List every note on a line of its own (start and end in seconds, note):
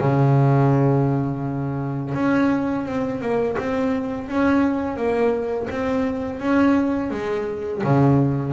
0.00 2.14 C#3
2.14 2.86 C#4
2.86 3.21 C4
3.21 3.57 A#3
3.58 4.28 C4
4.28 4.96 C#4
4.96 5.68 A#3
5.70 6.40 C4
6.40 7.10 C#4
7.10 7.82 G#3
7.84 8.53 C#3